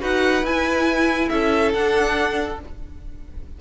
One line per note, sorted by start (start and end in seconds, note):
0.00 0.43 D#4
0.00 0.43 F#4
0.00 1.29 B4
0.00 0.46 F#5
0.43 1.29 E4
0.43 1.75 E4
0.43 1.29 G#5
1.29 1.74 C#4
1.29 2.61 A4
1.29 1.72 E5
1.73 2.60 D4
1.73 2.61 D4
1.73 2.59 F#5